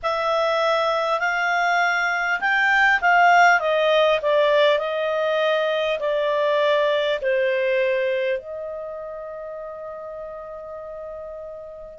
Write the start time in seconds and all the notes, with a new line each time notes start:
0.02 E5
1.20 F5
2.40 G5
3.01 F5
3.60 D#5
4.22 D5
4.78 D#5
5.99 D5
7.21 C5
8.38 D#5